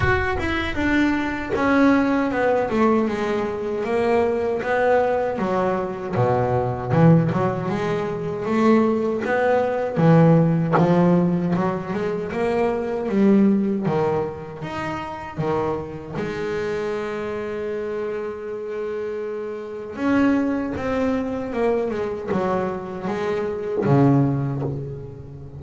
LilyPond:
\new Staff \with { instrumentName = "double bass" } { \time 4/4 \tempo 4 = 78 fis'8 e'8 d'4 cis'4 b8 a8 | gis4 ais4 b4 fis4 | b,4 e8 fis8 gis4 a4 | b4 e4 f4 fis8 gis8 |
ais4 g4 dis4 dis'4 | dis4 gis2.~ | gis2 cis'4 c'4 | ais8 gis8 fis4 gis4 cis4 | }